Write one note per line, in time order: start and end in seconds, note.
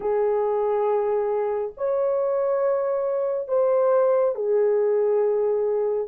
0.00 1.72 G#4
1.77 3.48 C#5
3.48 4.35 C5
4.35 6.08 G#4